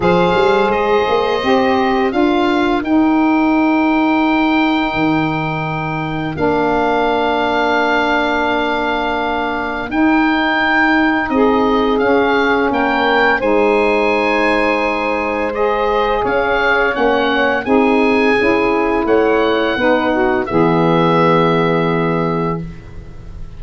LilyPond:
<<
  \new Staff \with { instrumentName = "oboe" } { \time 4/4 \tempo 4 = 85 f''4 dis''2 f''4 | g''1~ | g''4 f''2.~ | f''2 g''2 |
dis''4 f''4 g''4 gis''4~ | gis''2 dis''4 f''4 | fis''4 gis''2 fis''4~ | fis''4 e''2. | }
  \new Staff \with { instrumentName = "saxophone" } { \time 4/4 c''2. ais'4~ | ais'1~ | ais'1~ | ais'1 |
gis'2 ais'4 c''4~ | c''2. cis''4~ | cis''4 gis'2 cis''4 | b'8 fis'8 gis'2. | }
  \new Staff \with { instrumentName = "saxophone" } { \time 4/4 gis'2 g'4 f'4 | dis'1~ | dis'4 d'2.~ | d'2 dis'2~ |
dis'4 cis'2 dis'4~ | dis'2 gis'2 | cis'4 dis'4 e'2 | dis'4 b2. | }
  \new Staff \with { instrumentName = "tuba" } { \time 4/4 f8 g8 gis8 ais8 c'4 d'4 | dis'2. dis4~ | dis4 ais2.~ | ais2 dis'2 |
c'4 cis'4 ais4 gis4~ | gis2. cis'4 | ais4 c'4 cis'4 a4 | b4 e2. | }
>>